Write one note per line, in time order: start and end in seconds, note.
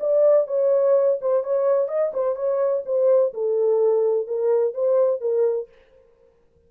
0.00 0.47 D5
0.47 1.19 C#5
1.21 1.43 C5
1.43 1.88 C#5
1.88 2.12 D#5
2.14 2.35 C5
2.35 2.83 C#5
2.85 3.33 C5
3.34 4.27 A4
4.27 4.74 A#4
4.74 5.21 C5
5.21 5.68 A#4